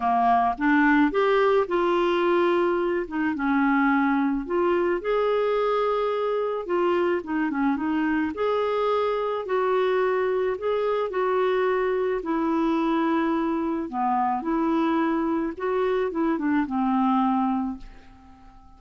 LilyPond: \new Staff \with { instrumentName = "clarinet" } { \time 4/4 \tempo 4 = 108 ais4 d'4 g'4 f'4~ | f'4. dis'8 cis'2 | f'4 gis'2. | f'4 dis'8 cis'8 dis'4 gis'4~ |
gis'4 fis'2 gis'4 | fis'2 e'2~ | e'4 b4 e'2 | fis'4 e'8 d'8 c'2 | }